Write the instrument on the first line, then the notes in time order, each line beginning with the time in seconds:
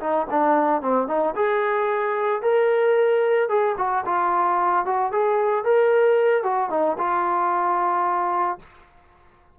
trombone
0.00 D#4
0.30 D4
0.81 C4
1.08 D#4
1.35 G#4
2.42 A#4
3.49 G#4
3.77 F#4
4.06 F4
4.85 F#4
5.12 G#4
5.64 A#4
6.43 F#4
6.70 D#4
6.98 F4